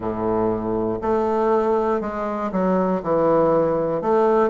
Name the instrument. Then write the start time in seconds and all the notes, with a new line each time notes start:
bassoon
0.00 A2
1.01 A3
2.00 G#3
2.51 F#3
3.02 E3
4.01 A3